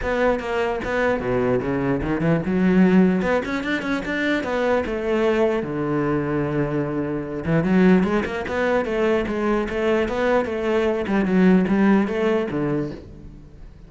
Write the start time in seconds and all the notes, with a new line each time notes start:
0.02 B3
0.39 A#3
0.84 B3
1.20 B2
1.61 C#3
2.02 D#3
2.21 E3
2.45 F#3
3.22 B3
3.45 C#4
3.63 D4
3.82 C#4
4.05 D4
4.43 B3
4.86 A3
5.62 D3
7.45 E3
7.63 F#3
8.03 G#3
8.25 A#3
8.48 B3
8.85 A3
9.27 G#3
9.69 A3
10.08 B3
10.45 A3
11.07 G3
11.25 F#3
11.68 G3
12.07 A3
12.51 D3